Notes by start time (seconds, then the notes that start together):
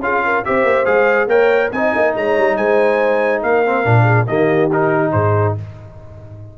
0.00 C#4 F4 G#4 F5
0.25 A#4
0.45 C4 G4 C5 E5
0.64 A#3
0.86 G#3 G#4 F5
1.27 A#3 A#4 C#5 G5
1.72 C4 D#4 D#5 G#5
1.95 A#3
2.16 G#3 C#5 A#5
2.38 G3
2.57 G#3 C5 G#5
3.43 A#3 A#4 F5
3.66 C4
3.84 A#2 D4
4.04 G#4
4.27 D#3 A#3 G4 D#5
4.72 D#4 A#4
5.12 G#2 G#4 C5